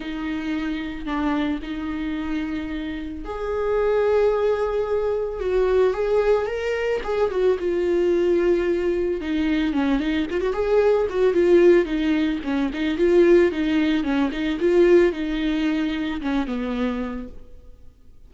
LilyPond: \new Staff \with { instrumentName = "viola" } { \time 4/4 \tempo 4 = 111 dis'2 d'4 dis'4~ | dis'2 gis'2~ | gis'2 fis'4 gis'4 | ais'4 gis'8 fis'8 f'2~ |
f'4 dis'4 cis'8 dis'8 f'16 fis'16 gis'8~ | gis'8 fis'8 f'4 dis'4 cis'8 dis'8 | f'4 dis'4 cis'8 dis'8 f'4 | dis'2 cis'8 b4. | }